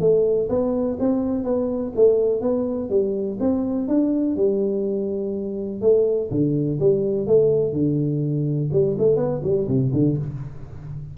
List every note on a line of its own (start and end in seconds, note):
0.00 0.48 A3
0.49 0.98 B3
1.00 1.44 C4
1.44 1.93 B3
1.96 2.41 A3
2.41 2.90 B3
2.90 3.38 G3
3.40 3.88 C4
3.88 4.36 D4
4.36 5.82 G3
5.82 6.30 A3
6.31 6.80 D3
6.80 7.27 G3
7.27 7.73 A3
7.73 8.70 D3
8.73 8.97 G3
8.99 9.17 A3
9.17 9.41 B3
9.43 9.68 G3
9.68 9.92 C3
9.93 10.17 D3